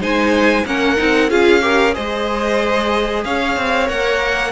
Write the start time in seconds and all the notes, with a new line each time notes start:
0.00 G#3 D#4 C5 G#5
0.66 A#3 C#4 A#4 F#5
0.96 C4 D#4
1.29 C#4 F4 G#4 F5
1.61 G4 A#4
1.93 G#3 G#4 C5 D#5
3.24 C#4 C#5 F5
3.57 C4
3.85 A#3 A#4 F#5